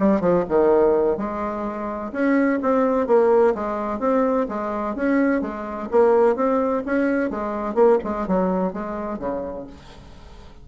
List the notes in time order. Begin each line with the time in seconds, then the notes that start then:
0.00 G3
0.21 F3
0.49 D#3
1.18 G#3
2.13 C#4
2.63 C4
3.08 A#3
3.55 G#3
4.00 C4
4.49 G#3
4.96 C#4
5.42 G#3
5.91 A#3
6.36 C4
6.86 C#4
7.31 G#3
7.75 A#3
8.04 G#3
8.28 F#3
8.73 G#3
9.20 C#3